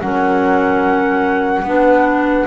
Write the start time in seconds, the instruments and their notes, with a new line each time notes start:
0.00 double bass F#3, clarinet C#4, horn A#4, flute F#5
1.62 double bass B3, clarinet D4, horn B4